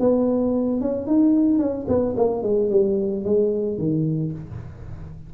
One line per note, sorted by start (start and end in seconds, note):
0.00 0.81 B3
0.81 1.07 C#4
1.07 1.59 D#4
1.59 1.87 C#4
1.89 2.16 B3
2.17 2.43 A#3
2.43 2.70 G#3
2.70 3.25 G3
3.25 3.78 G#3
3.78 4.33 D#3